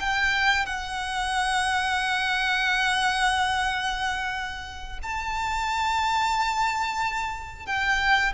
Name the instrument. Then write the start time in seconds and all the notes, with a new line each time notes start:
violin
0.00 G5
0.66 F#5
5.03 A5
7.67 G5